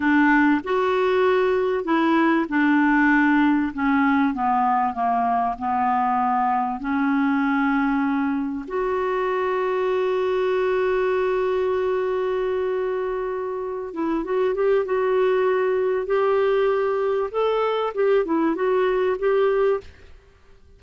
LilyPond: \new Staff \with { instrumentName = "clarinet" } { \time 4/4 \tempo 4 = 97 d'4 fis'2 e'4 | d'2 cis'4 b4 | ais4 b2 cis'4~ | cis'2 fis'2~ |
fis'1~ | fis'2~ fis'8 e'8 fis'8 g'8 | fis'2 g'2 | a'4 g'8 e'8 fis'4 g'4 | }